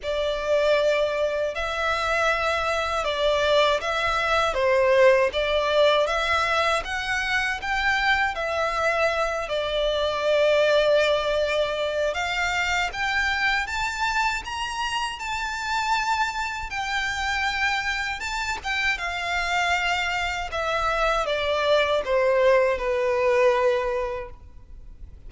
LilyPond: \new Staff \with { instrumentName = "violin" } { \time 4/4 \tempo 4 = 79 d''2 e''2 | d''4 e''4 c''4 d''4 | e''4 fis''4 g''4 e''4~ | e''8 d''2.~ d''8 |
f''4 g''4 a''4 ais''4 | a''2 g''2 | a''8 g''8 f''2 e''4 | d''4 c''4 b'2 | }